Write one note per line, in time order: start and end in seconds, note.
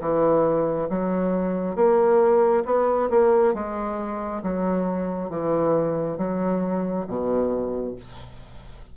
0.00 0.88 E3
0.89 1.75 F#3
1.75 2.64 A#3
2.65 3.09 B3
3.10 3.54 A#3
3.54 4.42 G#3
4.42 5.29 F#3
5.29 6.17 E3
6.17 7.05 F#3
7.07 7.95 B2